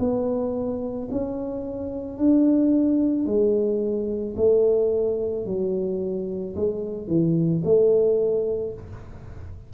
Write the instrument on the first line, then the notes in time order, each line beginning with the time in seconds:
tuba
0.00 B3
1.12 C#4
2.18 D4
3.26 G#3
4.37 A3
5.46 F#3
6.57 G#3
7.08 E3
7.65 A3